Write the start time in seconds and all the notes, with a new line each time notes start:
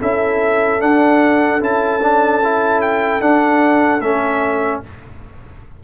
0.00 C#4 E4 A4 E5
0.80 D4 F#5
1.60 C#4 E4 A5
2.02 D4
2.44 E4
2.81 G5
3.20 D4 F#5
4.00 A3 C#4 E5